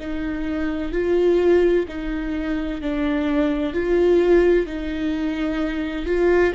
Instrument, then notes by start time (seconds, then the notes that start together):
viola
0.00 D#4
0.92 F4
1.88 D#4
2.82 D4
3.74 F4
4.67 D#4
6.06 F4